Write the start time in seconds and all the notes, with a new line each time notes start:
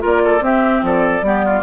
0.00 A#3 F4 A#4
0.07 D5
0.24 A4
0.41 C4 G4 E5
0.83 F3 A4 D5
1.22 G3 B3 G4
1.46 F4